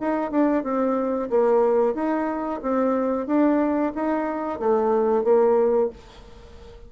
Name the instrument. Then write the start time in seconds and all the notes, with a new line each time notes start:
bassoon
0.00 D#4
0.31 D4
0.63 C4
1.29 A#3
1.94 D#4
2.62 C4
3.26 D4
3.95 D#4
4.59 A3
5.24 A#3